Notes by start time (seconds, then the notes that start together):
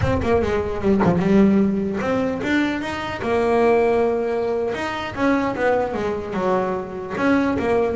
0.01 C4
0.22 A#3
0.42 G#3
0.81 G3
1.04 F3
1.18 G3
2.00 C4
2.43 D4
2.81 D#4
3.22 A#3
4.74 D#4
5.15 C#4
5.55 B3
5.94 G#3
6.33 F#3
7.17 C#4
7.58 A#3